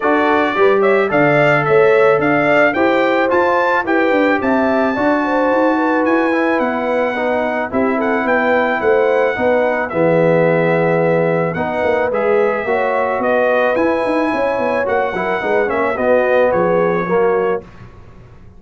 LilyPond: <<
  \new Staff \with { instrumentName = "trumpet" } { \time 4/4 \tempo 4 = 109 d''4. e''8 f''4 e''4 | f''4 g''4 a''4 g''4 | a''2. gis''4 | fis''2 e''8 fis''8 g''4 |
fis''2 e''2~ | e''4 fis''4 e''2 | dis''4 gis''2 fis''4~ | fis''8 e''8 dis''4 cis''2 | }
  \new Staff \with { instrumentName = "horn" } { \time 4/4 a'4 b'8 cis''8 d''4 cis''4 | d''4 c''2 b'4 | e''4 d''8 c''4 b'4.~ | b'2 g'8 a'8 b'4 |
c''4 b'4 gis'2~ | gis'4 b'2 cis''4 | b'2 cis''4. ais'8 | b'8 cis''8 fis'4 gis'4 fis'4 | }
  \new Staff \with { instrumentName = "trombone" } { \time 4/4 fis'4 g'4 a'2~ | a'4 g'4 f'4 g'4~ | g'4 fis'2~ fis'8 e'8~ | e'4 dis'4 e'2~ |
e'4 dis'4 b2~ | b4 dis'4 gis'4 fis'4~ | fis'4 e'2 fis'8 e'8 | dis'8 cis'8 b2 ais4 | }
  \new Staff \with { instrumentName = "tuba" } { \time 4/4 d'4 g4 d4 a4 | d'4 e'4 f'4 e'8 d'8 | c'4 d'4 dis'4 e'4 | b2 c'4 b4 |
a4 b4 e2~ | e4 b8 ais8 gis4 ais4 | b4 e'8 dis'8 cis'8 b8 ais8 fis8 | gis8 ais8 b4 f4 fis4 | }
>>